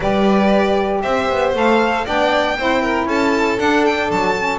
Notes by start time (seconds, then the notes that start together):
0.00 G3 G4 B4 D5
1.02 C4 C5 E5
1.29 B3
1.54 A3 A4 F5
2.05 B3 D4 D5 G5
2.58 C4 E4 C5
2.82 A#4
3.06 C#4 A4 A5
3.57 D4 F#5
3.85 G5
4.10 F#3 A5
4.38 C#4